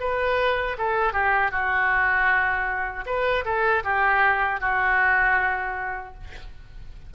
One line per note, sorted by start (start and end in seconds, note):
0.00 0.77 B4
0.78 1.13 A4
1.13 1.51 G4
1.51 3.05 F#4
3.06 3.44 B4
3.45 3.83 A4
3.84 4.60 G4
4.60 6.14 F#4